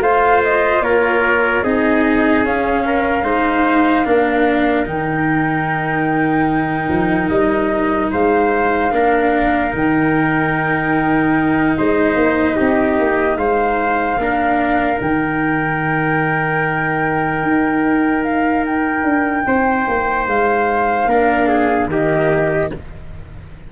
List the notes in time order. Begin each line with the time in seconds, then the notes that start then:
0.00 A3 F4 C5 F5
0.44 D#5
0.81 A#3 A#4 C#5
1.63 C4 D#4 G#4 D#5
2.44 C#4 F5
2.86 A#4
3.23 G#3 D#4 C5
4.05 A#3 D4 A#4
4.85 D#3 D#4 G5
6.89 F3
7.29 G3 D#5
8.12 G#3 C5 F5
8.92 A#3 D4 A#4
9.71 D#3 D#4 G5
11.77 G#3 C5 D#5
12.16 A#3
12.56 C4 G4
12.99 A#3
13.37 G#3 C5 F5
14.18 A#3 D4 A#4
15.00 D#3 D#4 G5
17.43 D#4
18.24 F5
18.66 G5
19.04 D4
19.46 C4 C5
19.88 A#3
20.28 G#3 F5
21.06 A#3 D4 A#4
21.48 G#4
21.86 D#3 A#3 G4 D#5